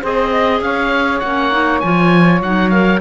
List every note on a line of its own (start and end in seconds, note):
0.00 0.60 C4
0.00 1.23 G#4
0.00 0.30 C5
0.00 0.62 D#5
0.32 0.62 D#5
0.60 1.21 C#4
0.60 3.00 C#5
0.60 1.19 F5
1.19 1.83 A#3
1.19 1.52 C#4
1.19 1.79 F#5
1.52 1.81 D#4
1.80 2.41 F3
1.80 2.43 F4
1.80 2.40 G#5
2.41 3.00 F#3
2.41 2.72 D#4
2.41 2.69 F#5
2.69 3.00 A#4
2.69 2.99 F5